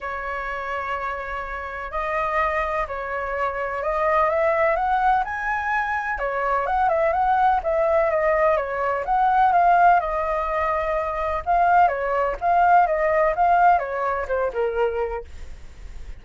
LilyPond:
\new Staff \with { instrumentName = "flute" } { \time 4/4 \tempo 4 = 126 cis''1 | dis''2 cis''2 | dis''4 e''4 fis''4 gis''4~ | gis''4 cis''4 fis''8 e''8 fis''4 |
e''4 dis''4 cis''4 fis''4 | f''4 dis''2. | f''4 cis''4 f''4 dis''4 | f''4 cis''4 c''8 ais'4. | }